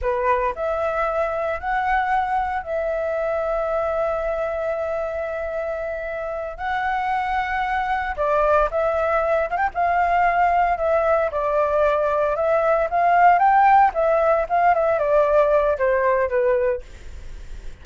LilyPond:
\new Staff \with { instrumentName = "flute" } { \time 4/4 \tempo 4 = 114 b'4 e''2 fis''4~ | fis''4 e''2.~ | e''1~ | e''8 fis''2. d''8~ |
d''8 e''4. f''16 g''16 f''4.~ | f''8 e''4 d''2 e''8~ | e''8 f''4 g''4 e''4 f''8 | e''8 d''4. c''4 b'4 | }